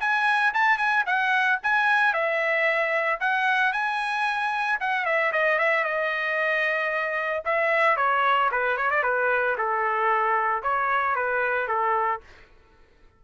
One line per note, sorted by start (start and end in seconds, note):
0.00 0.53 G#5
0.54 0.78 A5
0.78 1.04 G#5
1.06 1.59 F#5
1.63 2.13 G#5
2.13 3.19 E5
3.20 3.73 F#5
3.73 4.79 G#5
4.80 5.05 F#5
5.05 5.32 E5
5.32 5.58 D#5
5.58 5.84 E5
5.84 7.43 D#5
7.45 7.97 E5
7.97 8.50 C#5
8.51 8.77 B4
8.77 8.90 C#5
8.91 9.03 D5
9.03 9.56 B4
9.58 10.62 A4
10.62 11.15 C#5
11.15 11.68 B4
11.68 12.21 A4